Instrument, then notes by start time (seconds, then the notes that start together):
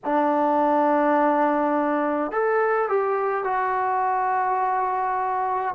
trombone
0.04 D4
2.31 A4
2.88 G4
3.44 F#4